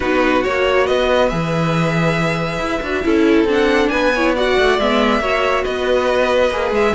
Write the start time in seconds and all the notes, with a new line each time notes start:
0.00 B3 D#4 F#4 B4
0.42 A#3 F#4 C#5
0.84 B3 B4 D#5
1.28 E3 G#4 E5
2.58 E4
2.82 D4 F#4
3.03 C#4 E4 A4
3.44 C4 D4
3.52 F#5
3.88 B3 B4 G#5
4.14 E4 C#5
4.35 F#4 D5 F#5
4.58 A3
4.78 G#3 B3 E5
5.20 A#3 F#4 C#5
5.63 B3 B4 D#5
6.51 A#3 G#4
6.71 G#3 E5